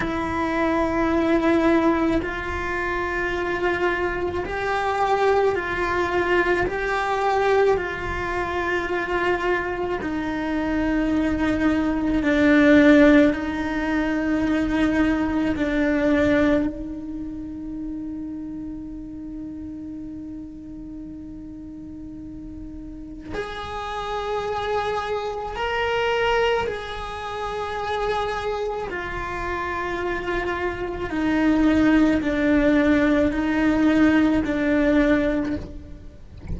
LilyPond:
\new Staff \with { instrumentName = "cello" } { \time 4/4 \tempo 4 = 54 e'2 f'2 | g'4 f'4 g'4 f'4~ | f'4 dis'2 d'4 | dis'2 d'4 dis'4~ |
dis'1~ | dis'4 gis'2 ais'4 | gis'2 f'2 | dis'4 d'4 dis'4 d'4 | }